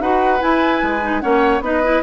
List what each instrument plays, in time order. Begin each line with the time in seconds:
0.00 bassoon D#4, clarinet F#4, oboe B4, flute F#5
0.39 clarinet E4, bassoon E4, flute G#5
0.83 bassoon G#3
1.02 clarinet D#4
1.21 bassoon A#3, clarinet C#4, oboe C#5, flute F#5
1.60 bassoon B3, clarinet D#4, oboe B4, flute D#5
1.83 clarinet E4